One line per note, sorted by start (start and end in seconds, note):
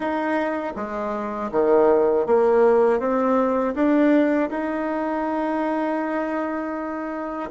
0.00 0.73 D#4
0.75 1.50 G#3
1.51 2.26 D#3
2.26 2.99 A#3
2.99 3.74 C4
3.74 4.49 D4
4.50 7.50 D#4